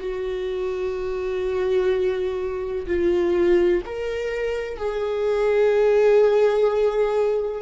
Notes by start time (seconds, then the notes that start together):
0.00 F#4
2.86 F4
3.85 A#4
4.77 G#4